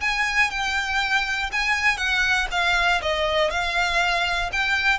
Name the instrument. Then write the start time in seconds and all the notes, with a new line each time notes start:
violin
0.00 G#5
0.50 G5
1.51 G#5
1.97 F#5
2.51 F5
3.02 D#5
3.50 F5
4.52 G5